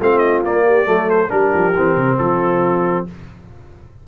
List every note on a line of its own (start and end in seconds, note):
0.00 0.44 A3
0.00 0.46 C4
0.00 0.66 F4
0.00 0.19 F5
0.19 0.40 D#5
0.45 0.87 A#3
0.45 0.85 A#3
0.45 1.10 D5
0.66 0.87 G4
0.85 1.31 F#3
0.85 1.29 A3
0.85 1.31 A4
1.10 1.31 C5
1.29 1.54 G3
1.29 1.73 D4
1.29 2.19 G4
1.29 2.18 A#4
1.54 1.76 F3
1.76 1.97 E3
1.76 3.08 C4
1.97 2.19 C3
2.18 3.07 F3
2.18 3.07 F4
2.18 3.06 A4